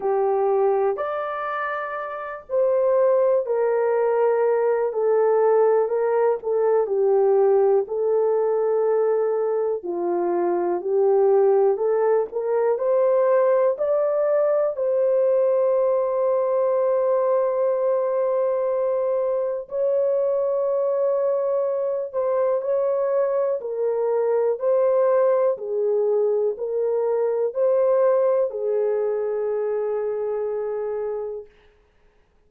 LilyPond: \new Staff \with { instrumentName = "horn" } { \time 4/4 \tempo 4 = 61 g'4 d''4. c''4 ais'8~ | ais'4 a'4 ais'8 a'8 g'4 | a'2 f'4 g'4 | a'8 ais'8 c''4 d''4 c''4~ |
c''1 | cis''2~ cis''8 c''8 cis''4 | ais'4 c''4 gis'4 ais'4 | c''4 gis'2. | }